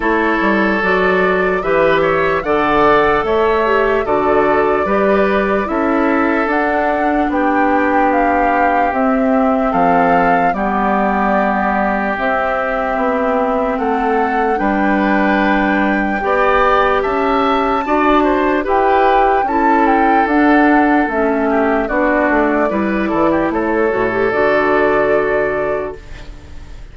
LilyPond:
<<
  \new Staff \with { instrumentName = "flute" } { \time 4/4 \tempo 4 = 74 cis''4 d''4 e''4 fis''4 | e''4 d''2 e''4 | fis''4 g''4 f''4 e''4 | f''4 d''2 e''4~ |
e''4 fis''4 g''2~ | g''4 a''2 g''4 | a''8 g''8 fis''4 e''4 d''4~ | d''4 cis''4 d''2 | }
  \new Staff \with { instrumentName = "oboe" } { \time 4/4 a'2 b'8 cis''8 d''4 | cis''4 a'4 b'4 a'4~ | a'4 g'2. | a'4 g'2.~ |
g'4 a'4 b'2 | d''4 e''4 d''8 c''8 b'4 | a'2~ a'8 g'8 fis'4 | b'8 a'16 g'16 a'2. | }
  \new Staff \with { instrumentName = "clarinet" } { \time 4/4 e'4 fis'4 g'4 a'4~ | a'8 g'8 fis'4 g'4 e'4 | d'2. c'4~ | c'4 b2 c'4~ |
c'2 d'2 | g'2 fis'4 g'4 | e'4 d'4 cis'4 d'4 | e'4. fis'16 g'16 fis'2 | }
  \new Staff \with { instrumentName = "bassoon" } { \time 4/4 a8 g8 fis4 e4 d4 | a4 d4 g4 cis'4 | d'4 b2 c'4 | f4 g2 c'4 |
b4 a4 g2 | b4 cis'4 d'4 e'4 | cis'4 d'4 a4 b8 a8 | g8 e8 a8 a,8 d2 | }
>>